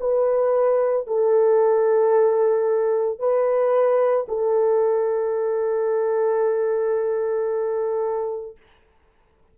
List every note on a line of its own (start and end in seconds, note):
0.00 1.07 B4
1.07 3.19 A4
3.19 4.26 B4
4.28 8.56 A4